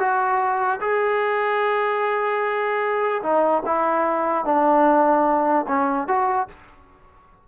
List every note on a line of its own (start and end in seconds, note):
0.00 0.81 F#4
0.81 3.23 G#4
3.23 3.63 D#4
3.66 4.46 E4
4.46 5.66 D4
5.69 6.08 C#4
6.08 6.49 F#4